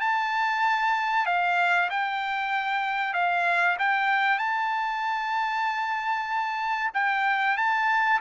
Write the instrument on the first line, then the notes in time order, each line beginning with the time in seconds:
trumpet
0.00 A5
1.26 F5
1.90 G5
3.13 F5
3.79 G5
4.38 A5
6.94 G5
7.57 A5